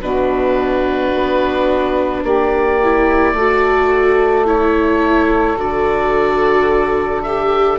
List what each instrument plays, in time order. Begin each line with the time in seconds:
0.00 bassoon B2, viola D4, saxophone F#4, oboe B4
1.14 bassoon B3
2.22 bassoon A#3, saxophone G4, oboe D5
2.83 viola E4
3.33 bassoon A3, viola F#4, saxophone A4
4.45 viola E4, oboe C#5
5.56 bassoon D3, viola F#4, oboe D5
7.22 viola G4, oboe E5